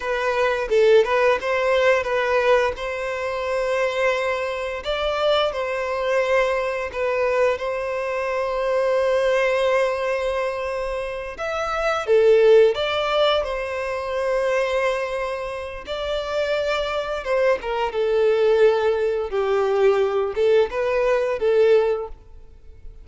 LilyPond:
\new Staff \with { instrumentName = "violin" } { \time 4/4 \tempo 4 = 87 b'4 a'8 b'8 c''4 b'4 | c''2. d''4 | c''2 b'4 c''4~ | c''1~ |
c''8 e''4 a'4 d''4 c''8~ | c''2. d''4~ | d''4 c''8 ais'8 a'2 | g'4. a'8 b'4 a'4 | }